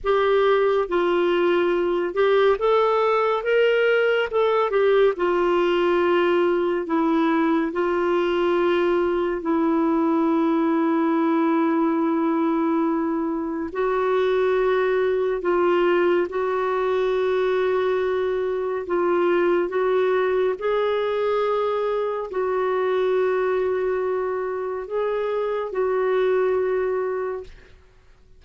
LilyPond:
\new Staff \with { instrumentName = "clarinet" } { \time 4/4 \tempo 4 = 70 g'4 f'4. g'8 a'4 | ais'4 a'8 g'8 f'2 | e'4 f'2 e'4~ | e'1 |
fis'2 f'4 fis'4~ | fis'2 f'4 fis'4 | gis'2 fis'2~ | fis'4 gis'4 fis'2 | }